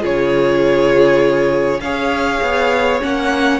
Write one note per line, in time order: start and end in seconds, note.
0.00 1.80 C#3
0.00 1.78 F4
0.00 1.80 G#4
0.00 1.80 C#5
1.80 2.40 C#4
1.80 3.01 G#4
1.80 3.60 C#5
1.80 2.99 F5
2.42 3.01 B3
3.01 3.60 A#3
3.01 3.60 C#4
3.01 3.60 F#5